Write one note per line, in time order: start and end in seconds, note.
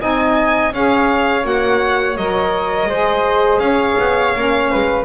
0.00 0.73 C4
0.00 0.72 D#4
0.00 0.73 D#5
0.00 0.74 G#5
0.73 1.45 C#4
0.73 1.42 G#4
0.73 2.90 C#5
0.73 1.47 F5
1.42 2.17 A#3
1.42 2.15 F#4
1.42 2.17 F#5
2.17 2.87 F#3
2.17 2.91 A#4
2.17 3.60 D#5
2.87 3.59 G#3
2.87 4.36 G#4
2.87 3.62 C5
3.60 3.96 C#4
3.60 4.71 C#5
3.60 5.04 F5
3.99 4.35 B3
4.36 4.72 A#3
4.36 5.05 C#4
4.71 5.05 G#3
4.71 5.05 B4